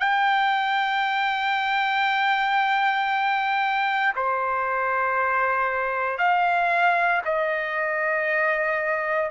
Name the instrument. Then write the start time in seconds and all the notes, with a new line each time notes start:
trumpet
0.00 G5
4.16 C5
6.18 F5
7.25 D#5